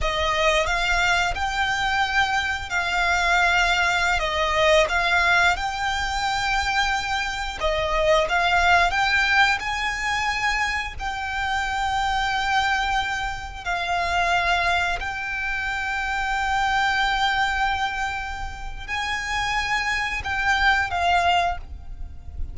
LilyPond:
\new Staff \with { instrumentName = "violin" } { \time 4/4 \tempo 4 = 89 dis''4 f''4 g''2 | f''2~ f''16 dis''4 f''8.~ | f''16 g''2. dis''8.~ | dis''16 f''4 g''4 gis''4.~ gis''16~ |
gis''16 g''2.~ g''8.~ | g''16 f''2 g''4.~ g''16~ | g''1 | gis''2 g''4 f''4 | }